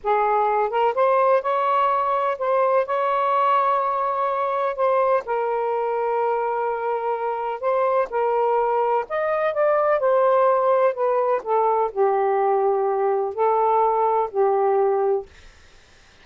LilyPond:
\new Staff \with { instrumentName = "saxophone" } { \time 4/4 \tempo 4 = 126 gis'4. ais'8 c''4 cis''4~ | cis''4 c''4 cis''2~ | cis''2 c''4 ais'4~ | ais'1 |
c''4 ais'2 dis''4 | d''4 c''2 b'4 | a'4 g'2. | a'2 g'2 | }